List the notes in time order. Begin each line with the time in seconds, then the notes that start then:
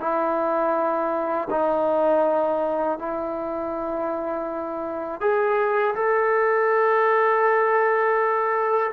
0.00 E4
1.50 D#4
2.98 E4
5.21 G#4
5.95 A4